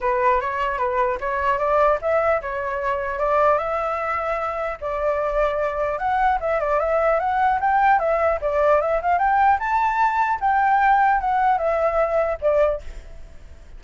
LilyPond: \new Staff \with { instrumentName = "flute" } { \time 4/4 \tempo 4 = 150 b'4 cis''4 b'4 cis''4 | d''4 e''4 cis''2 | d''4 e''2. | d''2. fis''4 |
e''8 d''8 e''4 fis''4 g''4 | e''4 d''4 e''8 f''8 g''4 | a''2 g''2 | fis''4 e''2 d''4 | }